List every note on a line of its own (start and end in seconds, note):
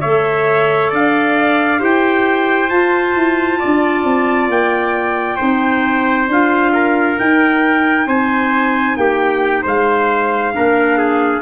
0.00 0.92 A3
0.00 1.79 A4
0.00 0.90 C#5
0.00 0.90 E5
0.90 1.81 D4
0.90 1.79 D5
0.90 1.84 F5
1.79 2.70 E4
1.79 2.68 G4
1.79 3.58 C5
1.79 2.69 G5
2.69 3.15 F4
2.69 5.38 F4
2.69 4.49 A5
3.15 3.60 E4
3.59 4.04 D4
3.59 5.36 D5
4.04 4.48 C4
4.48 5.38 A#3
4.48 6.30 G5
5.36 6.28 C4
5.36 6.28 D#4
5.36 6.70 C5
6.28 7.18 D4
6.28 7.17 F4
6.28 7.19 F5
6.72 8.06 A#4
7.17 10.53 D#4
7.17 8.06 D#4
7.17 8.08 G5
8.06 8.96 C4
8.06 8.97 C5
8.06 8.96 G#5
8.96 9.64 A#3
8.96 9.62 G4
8.96 9.64 G5
9.62 10.55 G#3
9.62 10.52 C5
9.62 11.42 F5
10.53 11.42 A#3
10.53 11.42 D4
10.53 10.97 A#4
10.97 11.42 G#4